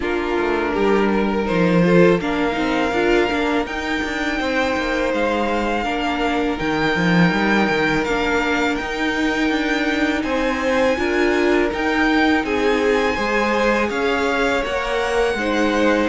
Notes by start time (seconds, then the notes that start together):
0.00 A#3 D4 F4 A#4
0.39 A3
0.72 G3 G4
1.12 A#4
1.44 F3 D#4 C5
1.83 F4 A4
2.20 A#3 D4 A#4 F5
2.51 C4 D#4
2.92 D4 F4
3.30 A#3 D4
3.66 D#4 G5
4.03 D4
4.38 C4 C5
4.76 A#3
5.13 G#3 F5
5.83 A#3 D4 A#4
6.57 D#3 D#4 G5
6.96 F3
7.31 G3
7.69 D#3
8.04 A#3 D4 F5
8.75 D#4 G5
9.50 D4
10.22 C4 C5 G#5
10.96 D4 F4 A#4
11.71 D#4 G5
12.44 C4 G#4 G#5
13.14 G#3 G#4 C5
13.89 C#4 C#5 F5
14.64 A#3 A#4 F#5
15.34 G#3 D#4 C5